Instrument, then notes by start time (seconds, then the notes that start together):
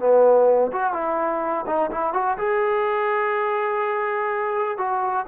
trombone
0.00 B3
0.73 F#4
0.94 E4
1.67 D#4
1.92 E4
2.14 F#4
2.38 G#4
4.78 F#4